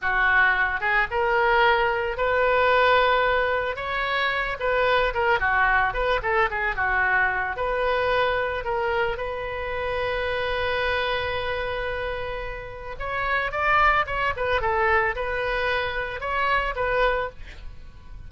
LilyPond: \new Staff \with { instrumentName = "oboe" } { \time 4/4 \tempo 4 = 111 fis'4. gis'8 ais'2 | b'2. cis''4~ | cis''8 b'4 ais'8 fis'4 b'8 a'8 | gis'8 fis'4. b'2 |
ais'4 b'2.~ | b'1 | cis''4 d''4 cis''8 b'8 a'4 | b'2 cis''4 b'4 | }